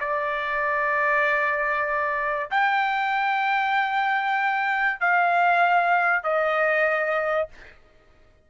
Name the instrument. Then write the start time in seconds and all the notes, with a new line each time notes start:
trumpet
0.00 D5
2.51 G5
5.00 F5
6.24 D#5